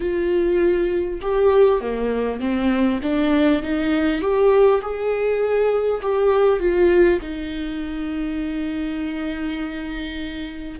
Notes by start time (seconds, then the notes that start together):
0.00 F4
1.21 G4
1.80 A#3
2.39 C4
3.02 D4
3.62 D#4
4.21 G4
4.81 G#4
6.02 G4
6.59 F4
7.21 D#4